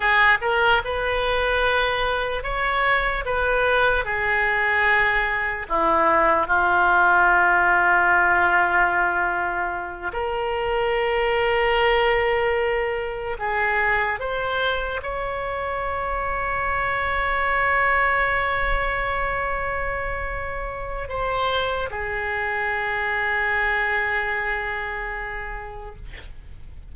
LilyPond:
\new Staff \with { instrumentName = "oboe" } { \time 4/4 \tempo 4 = 74 gis'8 ais'8 b'2 cis''4 | b'4 gis'2 e'4 | f'1~ | f'8 ais'2.~ ais'8~ |
ais'8 gis'4 c''4 cis''4.~ | cis''1~ | cis''2 c''4 gis'4~ | gis'1 | }